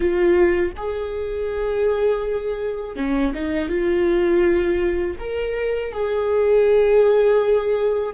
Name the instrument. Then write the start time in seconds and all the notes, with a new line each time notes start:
viola
0.00 F4
0.76 G#4
2.96 C#4
3.34 D#4
3.68 F4
5.19 A#4
5.92 G#4